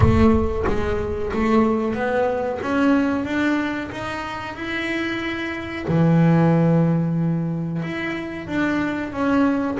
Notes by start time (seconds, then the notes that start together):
0.00 A3
0.67 G#3
1.33 A3
1.94 B3
2.61 C#4
3.24 D4
3.91 D#4
4.55 E4
5.88 E3
7.82 E4
8.47 D4
9.12 C#4